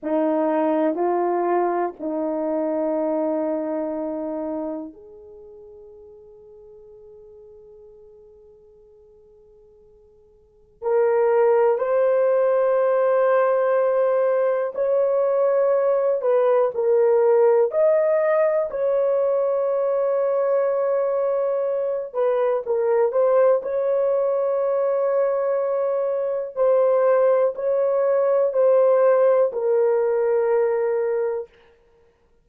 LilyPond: \new Staff \with { instrumentName = "horn" } { \time 4/4 \tempo 4 = 61 dis'4 f'4 dis'2~ | dis'4 gis'2.~ | gis'2. ais'4 | c''2. cis''4~ |
cis''8 b'8 ais'4 dis''4 cis''4~ | cis''2~ cis''8 b'8 ais'8 c''8 | cis''2. c''4 | cis''4 c''4 ais'2 | }